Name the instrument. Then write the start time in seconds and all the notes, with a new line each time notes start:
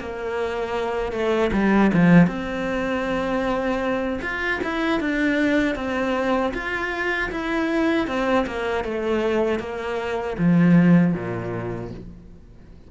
cello
0.00 A#3
1.12 A3
1.52 G3
1.93 F3
2.27 C4
4.22 F4
4.63 E4
5.00 D4
5.76 C4
6.54 F4
7.31 E4
8.07 C4
8.47 A#3
8.84 A3
9.59 A#3
10.38 F3
11.14 A#2